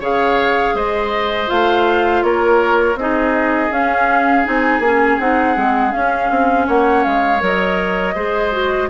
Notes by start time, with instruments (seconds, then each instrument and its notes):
0.00 bassoon C#3, clarinet G#4, oboe C#5, flute F5
0.74 bassoon G#3, oboe C5, flute D#5
1.47 bassoon A3, clarinet F4, flute F5
2.22 bassoon A#3, oboe A#4, flute C#5
2.95 bassoon C4, clarinet D#4, oboe G#4, flute D#5
3.70 clarinet C#4, bassoon C#4, flute F5
4.44 bassoon C4, clarinet D#4, flute G#5
4.79 bassoon A#3, clarinet C#4
5.20 bassoon C4, clarinet D#4, flute F#5
5.55 bassoon G#3, clarinet C4
5.90 clarinet C#4, bassoon C#4, flute F5
6.30 bassoon C4
6.67 bassoon A#3, oboe C#5, flute F#5
7.04 bassoon G#3, flute F5
7.40 bassoon F#3, clarinet A#4, flute D#5
8.14 bassoon G#3, clarinet G#4, oboe C5
8.51 clarinet F#4